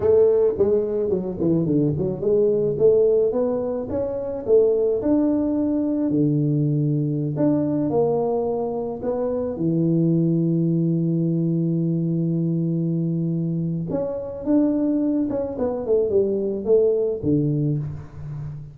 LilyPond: \new Staff \with { instrumentName = "tuba" } { \time 4/4 \tempo 4 = 108 a4 gis4 fis8 e8 d8 fis8 | gis4 a4 b4 cis'4 | a4 d'2 d4~ | d4~ d16 d'4 ais4.~ ais16~ |
ais16 b4 e2~ e8.~ | e1~ | e4 cis'4 d'4. cis'8 | b8 a8 g4 a4 d4 | }